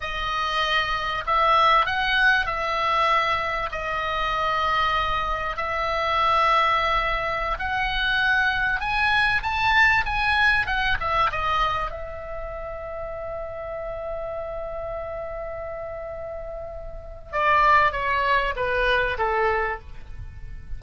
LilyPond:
\new Staff \with { instrumentName = "oboe" } { \time 4/4 \tempo 4 = 97 dis''2 e''4 fis''4 | e''2 dis''2~ | dis''4 e''2.~ | e''16 fis''2 gis''4 a''8.~ |
a''16 gis''4 fis''8 e''8 dis''4 e''8.~ | e''1~ | e''1 | d''4 cis''4 b'4 a'4 | }